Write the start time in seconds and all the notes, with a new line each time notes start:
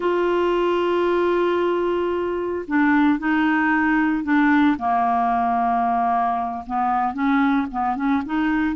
0.00 F4
2.67 D4
3.19 D#4
4.23 D4
4.78 A#3
6.66 B3
7.13 C#4
7.71 B3
7.95 C#4
8.25 D#4